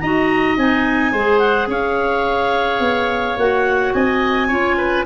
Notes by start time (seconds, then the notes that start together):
0.00 D#4 F#4 D#5 A#5
0.57 C4 D#4 G#5
1.12 G#3 G#4 C5
1.39 F#5
1.67 C#4 C#5 F5
2.80 B3
3.37 A#3 F#4 F#5
3.93 C4 D#5 G#5
4.48 C#4 F4 C#5
4.77 B4